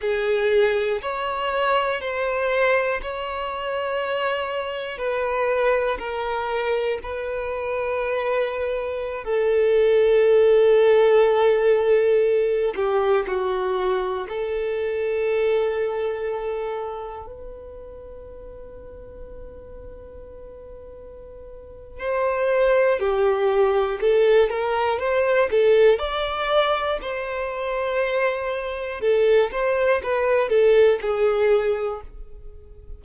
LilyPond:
\new Staff \with { instrumentName = "violin" } { \time 4/4 \tempo 4 = 60 gis'4 cis''4 c''4 cis''4~ | cis''4 b'4 ais'4 b'4~ | b'4~ b'16 a'2~ a'8.~ | a'8. g'8 fis'4 a'4.~ a'16~ |
a'4~ a'16 b'2~ b'8.~ | b'2 c''4 g'4 | a'8 ais'8 c''8 a'8 d''4 c''4~ | c''4 a'8 c''8 b'8 a'8 gis'4 | }